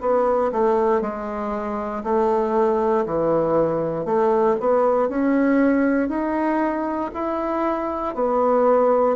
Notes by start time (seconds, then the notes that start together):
0.00 B3
0.52 A3
1.01 G#3
2.03 A3
3.05 E3
4.04 A3
4.59 B3
5.08 C#4
6.08 D#4
7.13 E4
8.14 B3